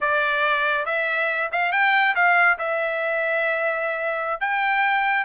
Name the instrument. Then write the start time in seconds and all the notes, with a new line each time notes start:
trumpet
0.00 D5
0.85 E5
1.51 F5
1.71 G5
2.15 F5
2.58 E5
4.40 G5